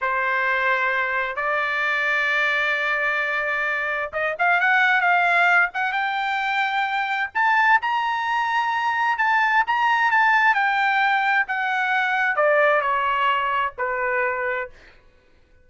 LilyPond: \new Staff \with { instrumentName = "trumpet" } { \time 4/4 \tempo 4 = 131 c''2. d''4~ | d''1~ | d''4 dis''8 f''8 fis''4 f''4~ | f''8 fis''8 g''2. |
a''4 ais''2. | a''4 ais''4 a''4 g''4~ | g''4 fis''2 d''4 | cis''2 b'2 | }